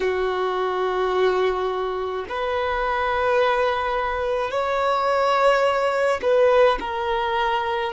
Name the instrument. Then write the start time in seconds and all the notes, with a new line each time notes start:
violin
0.00 F#4
2.28 B4
4.50 C#5
6.22 B4
6.80 A#4